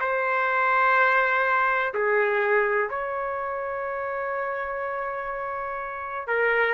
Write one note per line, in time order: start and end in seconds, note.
0.00 1.94 C5
1.94 2.89 G#4
2.89 6.27 C#5
6.27 6.74 A#4